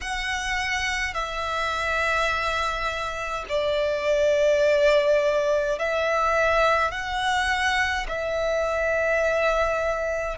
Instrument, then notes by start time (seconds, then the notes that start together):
violin
0.01 F#5
1.14 E5
3.49 D5
5.78 E5
6.91 F#5
8.08 E5